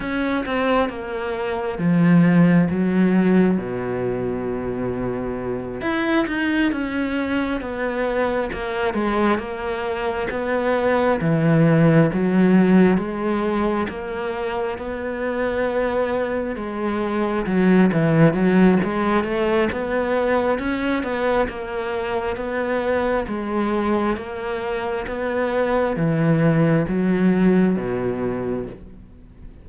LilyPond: \new Staff \with { instrumentName = "cello" } { \time 4/4 \tempo 4 = 67 cis'8 c'8 ais4 f4 fis4 | b,2~ b,8 e'8 dis'8 cis'8~ | cis'8 b4 ais8 gis8 ais4 b8~ | b8 e4 fis4 gis4 ais8~ |
ais8 b2 gis4 fis8 | e8 fis8 gis8 a8 b4 cis'8 b8 | ais4 b4 gis4 ais4 | b4 e4 fis4 b,4 | }